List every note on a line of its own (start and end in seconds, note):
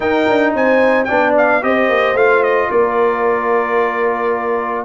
0.00 1.07 D#4
0.00 0.28 D#4
0.00 0.54 A#4
0.00 0.53 G5
0.28 0.53 D4
0.53 1.07 C4
0.53 1.08 C5
0.53 1.04 G#5
1.04 1.62 B3
1.04 1.61 D4
1.04 1.62 D5
1.04 1.31 G5
1.37 1.63 F5
1.61 1.89 C4
1.61 2.15 G4
1.61 2.70 C5
1.61 2.16 D#5
1.89 2.14 A#3
2.14 2.68 A3
2.14 4.84 F4
2.14 2.43 F5
2.43 2.70 D#5
2.70 4.84 A#3
2.70 4.84 A#4
2.70 4.84 D5